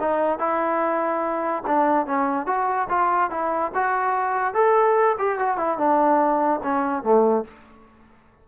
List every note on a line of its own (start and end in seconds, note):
0.00 0.39 D#4
0.39 1.63 E4
1.67 2.06 D4
2.06 2.47 C#4
2.47 2.88 F#4
2.89 3.30 F4
3.30 3.72 E4
3.74 4.54 F#4
4.54 5.16 A4
5.19 5.39 G4
5.39 5.57 F#4
5.57 5.78 E4
5.78 6.61 D4
6.63 7.03 C#4
7.03 7.45 A3